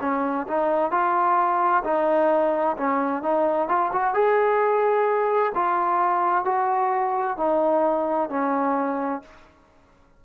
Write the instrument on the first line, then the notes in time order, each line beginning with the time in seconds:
trombone
0.00 C#4
0.47 D#4
0.91 F4
1.83 D#4
2.77 C#4
3.22 D#4
3.68 F4
3.92 F#4
4.14 G#4
5.54 F4
6.44 F#4
7.37 D#4
8.30 C#4